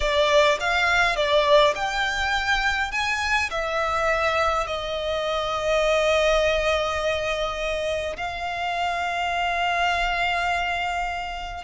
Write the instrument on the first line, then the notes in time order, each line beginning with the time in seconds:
violin
0.00 D5
0.60 F5
1.16 D5
1.75 G5
2.91 G#5
3.50 E5
4.67 D#5
8.16 F5